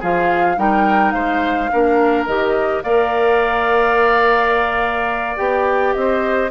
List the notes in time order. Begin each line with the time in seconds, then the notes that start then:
0.00 F3 F4 G#4 F5
0.57 G3 D#4 A#4 G5
1.12 G#3 C5 F5
1.71 A#3 D4 A#4
2.26 D#3 G4 D#5
2.83 A#3 A#4 D5 F5
5.37 B3 G4 G5
5.94 C4 D#5
6.00 C5